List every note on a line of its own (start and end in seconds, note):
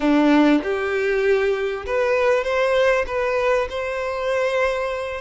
0.00 0.61 D4
0.63 1.85 G4
1.85 2.44 B4
2.44 3.05 C5
3.06 3.68 B4
3.69 5.21 C5